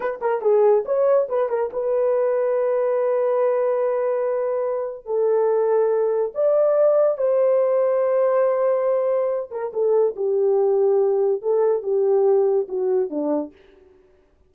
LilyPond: \new Staff \with { instrumentName = "horn" } { \time 4/4 \tempo 4 = 142 b'8 ais'8 gis'4 cis''4 b'8 ais'8 | b'1~ | b'1 | a'2. d''4~ |
d''4 c''2.~ | c''2~ c''8 ais'8 a'4 | g'2. a'4 | g'2 fis'4 d'4 | }